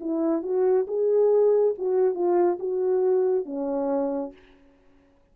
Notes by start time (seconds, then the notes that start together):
0.00 E4
0.42 F#4
0.87 G#4
1.77 F#4
2.14 F4
2.59 F#4
3.45 C#4